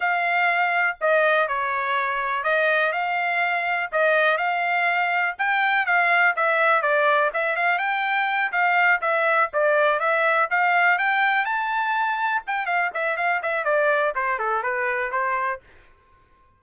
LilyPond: \new Staff \with { instrumentName = "trumpet" } { \time 4/4 \tempo 4 = 123 f''2 dis''4 cis''4~ | cis''4 dis''4 f''2 | dis''4 f''2 g''4 | f''4 e''4 d''4 e''8 f''8 |
g''4. f''4 e''4 d''8~ | d''8 e''4 f''4 g''4 a''8~ | a''4. g''8 f''8 e''8 f''8 e''8 | d''4 c''8 a'8 b'4 c''4 | }